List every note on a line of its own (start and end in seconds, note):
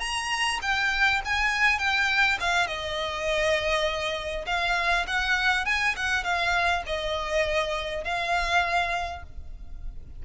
0.00 0.59 A#5
0.62 1.21 G5
1.25 1.78 G#5
1.78 2.38 G5
2.40 2.67 F5
2.67 4.46 D#5
4.46 5.06 F5
5.07 5.65 F#5
5.65 5.95 G#5
5.96 6.24 F#5
6.24 6.83 F5
6.86 8.04 D#5
8.04 9.23 F5